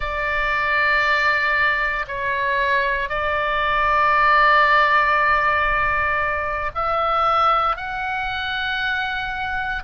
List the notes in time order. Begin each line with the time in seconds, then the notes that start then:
0.00 D5
2.07 C#5
3.09 D5
6.74 E5
7.76 F#5